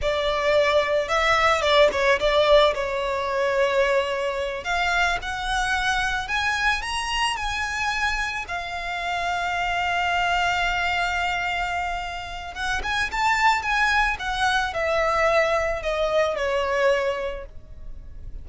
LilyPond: \new Staff \with { instrumentName = "violin" } { \time 4/4 \tempo 4 = 110 d''2 e''4 d''8 cis''8 | d''4 cis''2.~ | cis''8 f''4 fis''2 gis''8~ | gis''8 ais''4 gis''2 f''8~ |
f''1~ | f''2. fis''8 gis''8 | a''4 gis''4 fis''4 e''4~ | e''4 dis''4 cis''2 | }